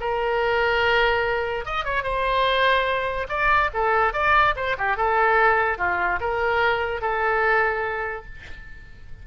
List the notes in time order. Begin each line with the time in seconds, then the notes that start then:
0.00 A#4
1.65 D#5
1.85 C#5
2.03 C5
3.29 D5
3.73 A4
4.13 D5
4.56 C5
4.78 G4
4.97 A4
5.78 F4
6.20 A#4
7.01 A4